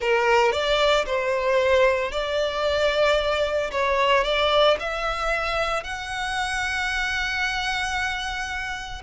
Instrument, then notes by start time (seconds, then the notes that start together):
violin
0.00 A#4
0.52 D5
1.05 C5
2.11 D5
3.71 C#5
4.24 D5
4.79 E5
5.83 F#5